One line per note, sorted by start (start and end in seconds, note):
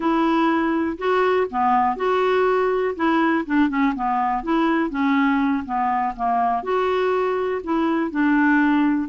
0.00 0.97 E4
0.97 1.47 F#4
1.50 1.96 B3
1.96 2.94 F#4
2.95 3.44 E4
3.46 3.69 D4
3.69 3.93 C#4
3.95 4.43 B3
4.43 4.90 E4
4.90 5.64 C#4
5.65 6.14 B3
6.15 6.63 A#3
6.63 7.61 F#4
7.63 8.10 E4
8.10 9.08 D4